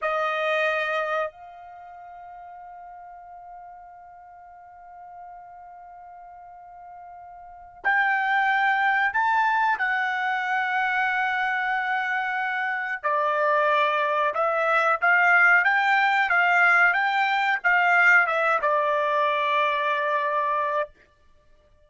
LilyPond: \new Staff \with { instrumentName = "trumpet" } { \time 4/4 \tempo 4 = 92 dis''2 f''2~ | f''1~ | f''1 | g''2 a''4 fis''4~ |
fis''1 | d''2 e''4 f''4 | g''4 f''4 g''4 f''4 | e''8 d''2.~ d''8 | }